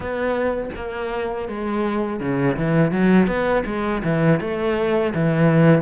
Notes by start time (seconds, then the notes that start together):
0.00 B3
0.75 A#3
1.48 G#3
2.20 C#3
2.56 E3
2.91 F#3
3.27 B3
3.66 G#3
4.03 E3
4.40 A3
5.14 E3